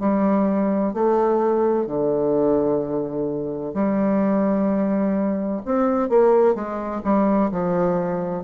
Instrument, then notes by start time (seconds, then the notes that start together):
bassoon
0.00 G3
0.94 A3
1.87 D3
3.74 G3
5.65 C4
6.09 A#3
6.55 G#3
7.04 G3
7.51 F3